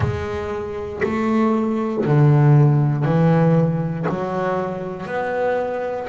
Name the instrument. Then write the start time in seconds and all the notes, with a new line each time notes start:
double bass
0.00 G#3
1.03 A3
2.05 D3
3.04 E3
4.09 F#3
5.06 B3